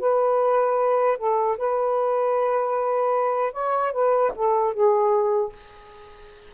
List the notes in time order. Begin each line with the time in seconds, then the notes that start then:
0.00 B4
1.18 A4
1.58 B4
3.53 C#5
3.93 B4
4.36 A4
4.74 G#4